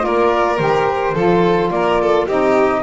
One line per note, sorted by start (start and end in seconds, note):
0.00 0.60 A#3
0.00 0.56 F4
0.00 1.15 A#4
0.00 0.58 D5
0.58 1.15 D#3
0.58 1.15 G4
0.58 1.70 C5
1.15 1.71 F3
1.15 2.28 F4
1.15 1.71 A4
1.71 2.27 A#3
1.71 2.02 A#4
1.71 2.27 D5
2.02 2.27 A4
2.27 2.83 C4
2.27 2.83 D#4
2.27 2.83 G4
2.27 2.83 D#5